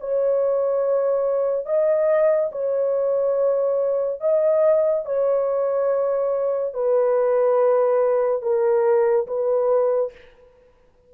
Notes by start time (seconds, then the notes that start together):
0.00 C#5
1.66 D#5
2.52 C#5
4.21 D#5
5.06 C#5
6.74 B4
8.42 A#4
9.27 B4